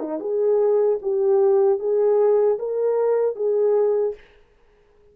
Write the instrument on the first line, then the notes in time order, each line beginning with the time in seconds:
horn
0.00 D#4
0.20 G#4
1.02 G4
1.80 G#4
2.59 A#4
3.36 G#4